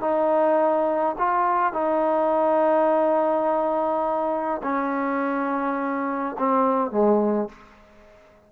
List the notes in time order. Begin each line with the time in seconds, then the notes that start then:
0.00 D#4
1.18 F4
1.73 D#4
4.63 C#4
6.38 C4
6.91 G#3